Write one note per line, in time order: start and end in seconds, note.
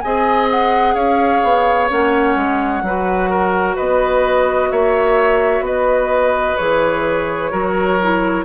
0.00 0.95 C4
0.00 1.90 G#4
0.00 0.95 D#5
0.00 0.47 G#5
0.51 0.95 F#5
0.95 1.42 C#4
0.95 2.82 C#5
0.95 1.89 F5
1.43 1.90 B3
1.90 2.36 A#3
1.90 2.84 C#4
1.90 3.77 F#5
2.36 2.82 G#3
2.82 3.76 F#3
2.82 6.59 F#4
2.82 3.30 B4
3.30 3.76 A#4
3.76 4.71 B3
3.76 4.70 B4
3.76 4.71 D#5
4.71 5.60 A#3
4.71 5.65 C#5
4.71 5.65 E5
5.60 6.54 B3
5.60 7.51 B4
5.60 6.57 D#5
6.57 7.52 E3
6.57 7.51 G#4
6.57 8.45 C#5
7.51 8.45 F#3
7.51 7.98 F#4
7.51 8.45 A#4
8.03 8.45 E4